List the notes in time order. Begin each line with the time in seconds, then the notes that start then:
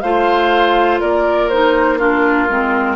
0.00 A3 F4 C5 F5
1.00 A#3 A#4 D5
1.49 D#4 C5
1.98 D4 F4 A#4
2.48 G#3 C4